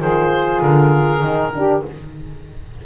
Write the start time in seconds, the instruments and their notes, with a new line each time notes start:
0.00 double bass D#3, horn F4, saxophone G#4, oboe C5
0.62 double bass D3, oboe A#4
1.22 double bass D#3, horn D#4
1.55 horn D4, saxophone G4